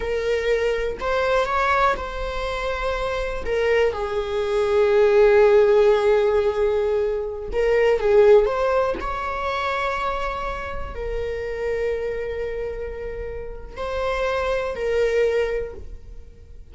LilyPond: \new Staff \with { instrumentName = "viola" } { \time 4/4 \tempo 4 = 122 ais'2 c''4 cis''4 | c''2. ais'4 | gis'1~ | gis'2.~ gis'16 ais'8.~ |
ais'16 gis'4 c''4 cis''4.~ cis''16~ | cis''2~ cis''16 ais'4.~ ais'16~ | ais'1 | c''2 ais'2 | }